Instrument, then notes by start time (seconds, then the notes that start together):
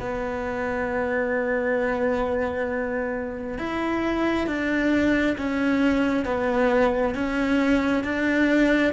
cello
0.00 B3
3.58 E4
4.47 D4
5.38 C#4
6.25 B3
7.15 C#4
8.04 D4